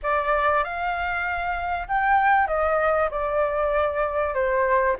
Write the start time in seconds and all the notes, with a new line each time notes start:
0.03 D5
0.64 F5
1.88 G5
2.47 D#5
3.10 D5
4.34 C5